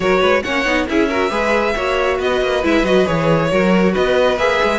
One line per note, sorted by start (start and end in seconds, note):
0.00 0.21 F#3
0.00 0.44 F#4
0.00 0.21 A#4
0.00 0.42 C#5
0.21 0.43 G#3
0.21 0.42 B4
0.42 0.65 A#3
0.42 0.65 C#4
0.42 0.87 C#5
0.42 0.86 F#5
0.65 0.87 B3
0.65 0.87 D#4
0.87 1.30 C#4
0.87 1.09 E4
0.87 1.08 G#4
0.87 2.20 E5
1.08 1.30 F#4
1.08 1.30 A#4
1.30 1.74 G#3
1.30 1.74 G#4
1.30 1.74 B4
1.75 2.19 A#3
1.75 2.62 F#4
1.75 2.17 C#5
2.17 2.41 B3
2.17 3.49 B4
2.17 2.64 D#5
2.41 2.63 A#3
2.62 2.83 G#3
2.62 2.84 E4
2.62 2.85 E5
2.83 3.05 F#3
2.83 3.05 F#4
2.83 3.06 D#5
3.05 3.51 E3
3.05 3.49 G#4
3.05 3.94 C#5
3.49 3.95 F#3
3.49 4.37 F#4
3.49 3.92 A#4
3.92 4.37 B3
3.92 4.79 B4
3.92 4.38 D#5
4.37 4.59 A#3
4.37 4.79 G#4
4.37 4.79 E5
4.63 4.79 G#3